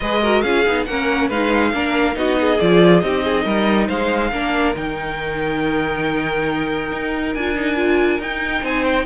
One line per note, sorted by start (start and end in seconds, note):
0.00 0.44 G#3
0.00 0.23 G#4
0.00 0.22 B4
0.00 0.41 D#5
0.22 0.44 F#4
0.22 0.43 A#4
0.41 0.65 C#4
0.41 0.65 F4
0.41 0.86 G#4
0.41 0.85 F5
0.65 0.87 B3
0.65 0.87 D#4
0.85 1.30 A#3
0.85 1.31 C#4
0.85 1.28 A#4
0.85 1.28 F#5
1.28 1.73 G#3
1.28 1.73 D#4
1.28 1.71 B4
1.28 2.17 F5
1.73 2.16 A#3
1.73 2.13 D4
1.73 2.17 A#4
2.13 2.59 B3
2.13 2.56 D#4
2.13 2.39 F#4
2.13 2.59 D#5
2.40 3.04 G#4
2.59 3.03 F3
2.59 3.01 F4
2.59 3.00 D5
3.00 3.45 C4
3.00 4.31 D#4
3.00 3.24 G4
3.00 3.86 D#5
3.24 3.44 G#4
3.44 3.88 G3
3.44 3.87 A#4
3.87 4.32 G#3
3.87 4.30 C5
3.87 4.75 F5
4.31 4.75 A#3
4.31 4.75 D4
4.31 8.62 A#4
4.75 6.91 D#3
4.75 7.34 D#4
4.75 7.34 G5
6.92 7.35 D#4
7.34 8.19 D4
7.34 7.55 F4
7.34 8.20 G#5
7.55 7.75 D#4
7.75 8.18 F4
8.19 8.62 D#4
8.19 9.05 D#4
8.19 8.65 G5
8.62 9.05 C4
8.62 9.05 C5
8.62 8.84 G#5
8.84 9.05 G5